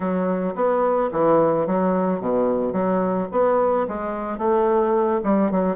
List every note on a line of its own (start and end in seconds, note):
0.00 0.54 F#3
0.55 1.10 B3
1.12 1.66 E3
1.66 2.20 F#3
2.20 2.72 B2
2.72 3.28 F#3
3.31 3.86 B3
3.88 4.38 G#3
4.38 5.20 A3
5.23 5.51 G3
5.51 5.76 F#3